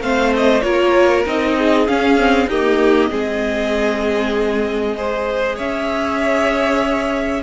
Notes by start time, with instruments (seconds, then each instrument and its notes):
0.00 cello A3, viola C4, violin C5 F5
0.36 violin D#5
0.61 cello A#3, viola F4, violin A#4 C#5
1.26 cello C4, viola D#4, violin D#5
1.58 violin G#4
1.87 viola C#4, cello C#4, violin F5
2.17 viola C4
2.47 viola A#3, cello D#4, violin G4 D#5
3.10 cello G#3, viola C4, violin G#4
4.97 viola G#4, violin C5
5.55 cello C#4, violin C#5 E5